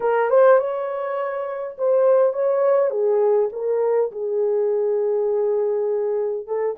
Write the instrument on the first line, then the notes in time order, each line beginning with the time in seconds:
horn
0.00 A#4
0.29 C5
0.58 C#5
1.78 C5
2.33 C#5
2.90 G#4
3.52 A#4
4.11 G#4
6.46 A4